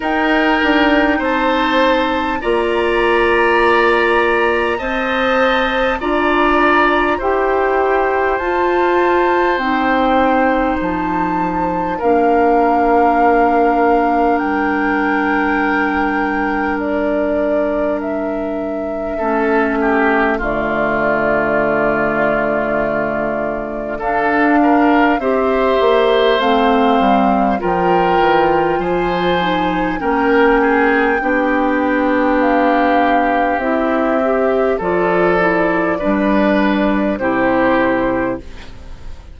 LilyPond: <<
  \new Staff \with { instrumentName = "flute" } { \time 4/4 \tempo 4 = 50 g''4 a''4 ais''2 | a''4 ais''4 g''4 a''4 | g''4 a''4 f''2 | g''2 d''4 e''4~ |
e''4 d''2. | f''4 e''4 f''4 g''4 | gis''4 g''2 f''4 | e''4 d''2 c''4 | }
  \new Staff \with { instrumentName = "oboe" } { \time 4/4 ais'4 c''4 d''2 | dis''4 d''4 c''2~ | c''2 ais'2~ | ais'1 |
a'8 g'8 f'2. | a'8 ais'8 c''2 ais'4 | c''4 ais'8 gis'8 g'2~ | g'4 a'4 b'4 g'4 | }
  \new Staff \with { instrumentName = "clarinet" } { \time 4/4 dis'2 f'2 | c''4 f'4 g'4 f'4 | dis'2 d'2~ | d'1 |
cis'4 a2. | d'4 g'4 c'4 f'4~ | f'8 dis'8 cis'4 d'2 | e'8 g'8 f'8 e'8 d'4 e'4 | }
  \new Staff \with { instrumentName = "bassoon" } { \time 4/4 dis'8 d'8 c'4 ais2 | c'4 d'4 e'4 f'4 | c'4 f4 ais2 | g1 |
a4 d2. | d'4 c'8 ais8 a8 g8 f8 e8 | f4 ais4 b2 | c'4 f4 g4 c4 | }
>>